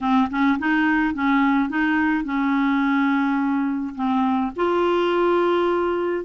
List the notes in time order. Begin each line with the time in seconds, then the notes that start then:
0.00 C4
0.30 C#4
0.58 D#4
1.14 C#4
1.69 D#4
2.24 C#4
3.95 C4
4.56 F4